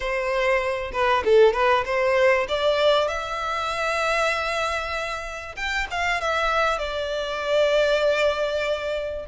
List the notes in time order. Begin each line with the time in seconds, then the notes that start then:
0.00 C5
0.92 B4
1.25 A4
1.53 B4
1.85 C5
2.48 D5
3.08 E5
5.56 G5
5.91 F5
6.20 E5
6.78 D5